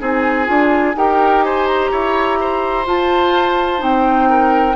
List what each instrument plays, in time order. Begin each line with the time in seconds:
0.00 bassoon C4, clarinet D#4, oboe G#4, flute G#5
0.46 bassoon D4, clarinet F4
0.96 bassoon D#4, clarinet G4, oboe A#4, flute G5
1.44 oboe C5, flute G#5
1.67 flute A#5
1.91 bassoon E4, oboe C#5
2.40 oboe C5
2.86 clarinet F4, bassoon F4, flute A5
3.78 bassoon C4, clarinet D#4, flute G5
4.30 oboe A#4